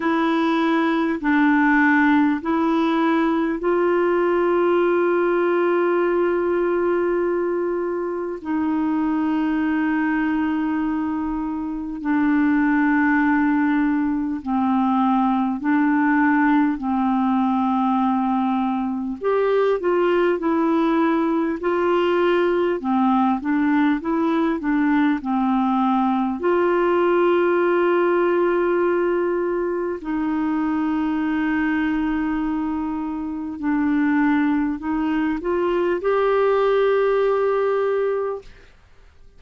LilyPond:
\new Staff \with { instrumentName = "clarinet" } { \time 4/4 \tempo 4 = 50 e'4 d'4 e'4 f'4~ | f'2. dis'4~ | dis'2 d'2 | c'4 d'4 c'2 |
g'8 f'8 e'4 f'4 c'8 d'8 | e'8 d'8 c'4 f'2~ | f'4 dis'2. | d'4 dis'8 f'8 g'2 | }